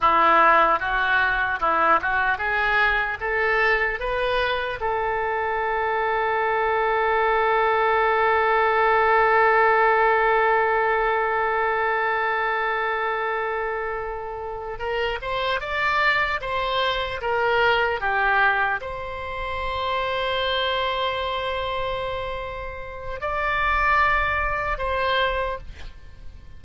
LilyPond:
\new Staff \with { instrumentName = "oboe" } { \time 4/4 \tempo 4 = 75 e'4 fis'4 e'8 fis'8 gis'4 | a'4 b'4 a'2~ | a'1~ | a'1~ |
a'2~ a'8 ais'8 c''8 d''8~ | d''8 c''4 ais'4 g'4 c''8~ | c''1~ | c''4 d''2 c''4 | }